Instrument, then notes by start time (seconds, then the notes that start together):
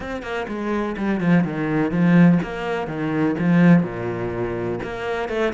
cello
0.00 C4
0.22 A#3
0.48 G#3
0.97 G3
1.20 F3
1.44 D#3
1.91 F3
2.42 A#3
2.87 D#3
3.39 F3
3.83 A#2
4.83 A#3
5.28 A3